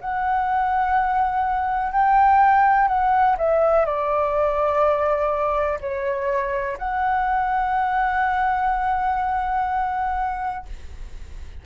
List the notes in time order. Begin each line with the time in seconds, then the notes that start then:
0.00 F#5
1.92 G5
2.88 F#5
3.38 E5
3.85 D5
5.81 C#5
6.78 F#5